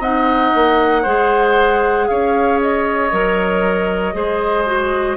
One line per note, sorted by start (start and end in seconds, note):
0.00 0.52 C4
0.00 1.06 D#4
0.00 1.03 D#5
0.00 2.08 F#5
0.55 1.06 A#3
1.03 2.09 G#3
1.03 3.12 G#4
1.03 2.06 C5
2.08 3.13 C#4
2.08 4.16 C#5
2.08 2.60 F5
2.62 5.17 D#5
3.12 4.14 F#3
3.12 4.14 A#4
4.14 5.17 G#3
4.14 4.66 G#4
4.14 5.17 C5
4.66 5.17 F#4